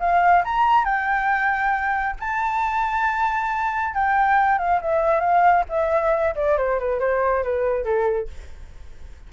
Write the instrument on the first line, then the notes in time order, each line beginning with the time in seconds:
flute
0.00 F5
0.45 A#5
0.85 G5
2.20 A5
3.95 G5
4.58 F5
4.82 E5
5.20 F5
5.69 E5
6.36 D5
6.58 C5
6.80 B4
7.00 C5
7.44 B4
7.85 A4